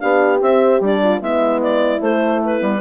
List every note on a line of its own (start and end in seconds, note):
0.00 0.42 B3
0.00 0.41 D4
0.00 1.02 G4
0.00 0.40 F5
0.42 0.81 C4
0.42 0.83 C4
0.42 0.83 E5
0.81 1.21 G3
0.81 1.22 D4
0.81 1.23 D5
1.04 1.21 F4
1.21 2.01 G#3
1.21 2.01 B3
1.21 2.81 E4
1.21 1.62 E5
1.62 2.02 D5
2.01 2.60 A3
2.01 2.61 A3
2.01 2.43 C5
2.45 2.81 B4
2.60 2.81 G3
2.60 2.80 B3